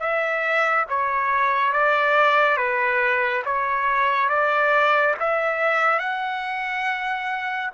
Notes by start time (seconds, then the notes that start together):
0.00 E5
0.90 C#5
1.73 D5
2.57 B4
3.45 C#5
4.29 D5
5.20 E5
6.00 F#5